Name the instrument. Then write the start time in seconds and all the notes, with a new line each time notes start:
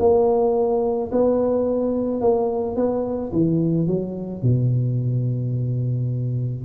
tuba
0.00 A#3
1.12 B3
2.21 A#3
2.77 B3
3.33 E3
3.87 F#3
4.43 B2